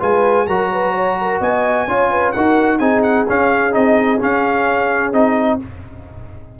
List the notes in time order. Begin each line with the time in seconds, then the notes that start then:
0.00 G#3 F4 B4 G#5
0.47 F#3 F#4 A#4 A#5
0.73 B4
0.93 C#5
1.21 A#4
1.40 B3 D#5 G#5
1.87 C#4 F4 C#5
2.11 B4
2.32 D#4 F#4 A#4 F#5
2.79 C4 D#4 G#4 G#5
3.03 F#5
3.28 C#4 F5
3.71 C4 D#4 D#5
4.20 C#4 F5
5.13 C4 D#4 D#5